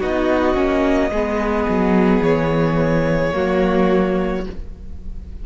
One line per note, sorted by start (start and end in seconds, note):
0.00 0.55 B3
0.00 0.55 D#4
0.00 1.11 F#4
0.00 2.23 D#5
0.55 1.10 A#3
0.55 1.10 C#4
1.11 1.66 G#3
1.11 3.32 B3
1.11 3.35 G#4
1.69 2.20 F#3
2.20 3.31 E3
2.20 4.45 C#5
3.32 4.47 F#3
3.32 4.44 A#3
3.32 4.46 F#4